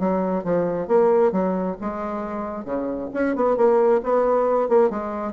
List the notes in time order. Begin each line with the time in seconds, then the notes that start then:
0.00 F#3
0.44 F3
0.88 A#3
1.32 F#3
1.81 G#3
2.65 C#3
3.14 C#4
3.36 B3
3.57 A#3
4.03 B3
4.69 A#3
4.90 G#3